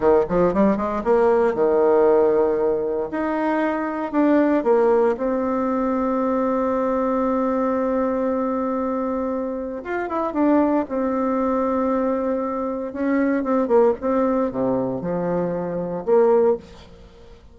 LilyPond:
\new Staff \with { instrumentName = "bassoon" } { \time 4/4 \tempo 4 = 116 dis8 f8 g8 gis8 ais4 dis4~ | dis2 dis'2 | d'4 ais4 c'2~ | c'1~ |
c'2. f'8 e'8 | d'4 c'2.~ | c'4 cis'4 c'8 ais8 c'4 | c4 f2 ais4 | }